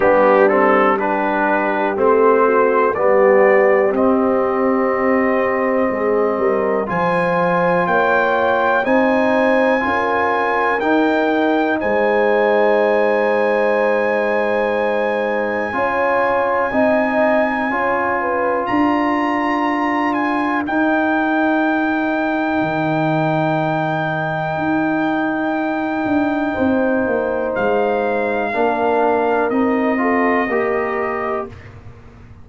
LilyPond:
<<
  \new Staff \with { instrumentName = "trumpet" } { \time 4/4 \tempo 4 = 61 g'8 a'8 b'4 c''4 d''4 | dis''2. gis''4 | g''4 gis''2 g''4 | gis''1~ |
gis''2. ais''4~ | ais''8 gis''8 g''2.~ | g''1 | f''2 dis''2 | }
  \new Staff \with { instrumentName = "horn" } { \time 4/4 d'4 g'4. fis'8 g'4~ | g'2 gis'8 ais'8 c''4 | cis''4 c''4 ais'2 | c''1 |
cis''4 dis''4 cis''8 b'8 ais'4~ | ais'1~ | ais'2. c''4~ | c''4 ais'4. a'8 ais'4 | }
  \new Staff \with { instrumentName = "trombone" } { \time 4/4 b8 c'8 d'4 c'4 b4 | c'2. f'4~ | f'4 dis'4 f'4 dis'4~ | dis'1 |
f'4 dis'4 f'2~ | f'4 dis'2.~ | dis'1~ | dis'4 d'4 dis'8 f'8 g'4 | }
  \new Staff \with { instrumentName = "tuba" } { \time 4/4 g2 a4 g4 | c'2 gis8 g8 f4 | ais4 c'4 cis'4 dis'4 | gis1 |
cis'4 c'4 cis'4 d'4~ | d'4 dis'2 dis4~ | dis4 dis'4. d'8 c'8 ais8 | gis4 ais4 c'4 ais4 | }
>>